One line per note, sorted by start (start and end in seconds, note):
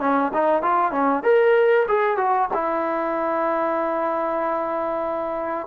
0.00 0.32 C#4
0.34 0.62 D#4
0.62 0.92 F4
0.92 1.23 C#4
1.23 1.86 A#4
1.88 2.17 G#4
2.17 2.49 F#4
2.53 5.67 E4